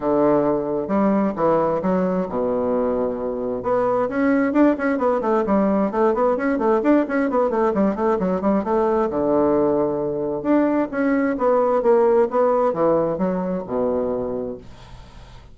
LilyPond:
\new Staff \with { instrumentName = "bassoon" } { \time 4/4 \tempo 4 = 132 d2 g4 e4 | fis4 b,2. | b4 cis'4 d'8 cis'8 b8 a8 | g4 a8 b8 cis'8 a8 d'8 cis'8 |
b8 a8 g8 a8 fis8 g8 a4 | d2. d'4 | cis'4 b4 ais4 b4 | e4 fis4 b,2 | }